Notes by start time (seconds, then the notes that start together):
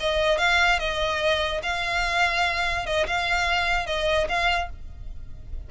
0.00 D#5
0.38 F5
0.79 D#5
1.63 F5
2.86 D#5
3.07 F5
3.86 D#5
4.29 F5